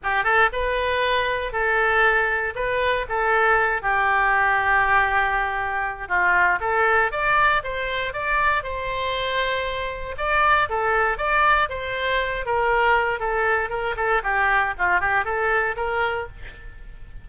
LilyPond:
\new Staff \with { instrumentName = "oboe" } { \time 4/4 \tempo 4 = 118 g'8 a'8 b'2 a'4~ | a'4 b'4 a'4. g'8~ | g'1 | f'4 a'4 d''4 c''4 |
d''4 c''2. | d''4 a'4 d''4 c''4~ | c''8 ais'4. a'4 ais'8 a'8 | g'4 f'8 g'8 a'4 ais'4 | }